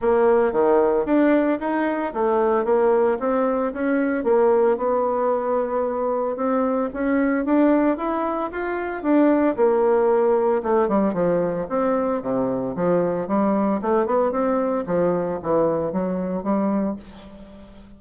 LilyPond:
\new Staff \with { instrumentName = "bassoon" } { \time 4/4 \tempo 4 = 113 ais4 dis4 d'4 dis'4 | a4 ais4 c'4 cis'4 | ais4 b2. | c'4 cis'4 d'4 e'4 |
f'4 d'4 ais2 | a8 g8 f4 c'4 c4 | f4 g4 a8 b8 c'4 | f4 e4 fis4 g4 | }